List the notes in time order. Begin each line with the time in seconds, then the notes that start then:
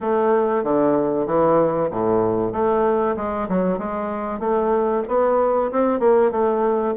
0.00 A3
0.63 D3
1.26 E3
1.90 A2
2.52 A3
3.16 G#3
3.48 F#3
3.78 G#3
4.39 A3
5.08 B3
5.71 C4
5.99 A#3
6.31 A3